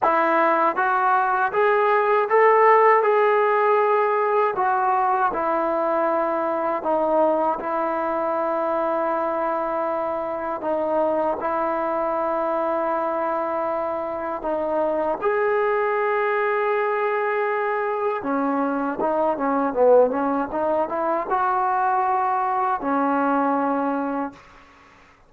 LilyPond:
\new Staff \with { instrumentName = "trombone" } { \time 4/4 \tempo 4 = 79 e'4 fis'4 gis'4 a'4 | gis'2 fis'4 e'4~ | e'4 dis'4 e'2~ | e'2 dis'4 e'4~ |
e'2. dis'4 | gis'1 | cis'4 dis'8 cis'8 b8 cis'8 dis'8 e'8 | fis'2 cis'2 | }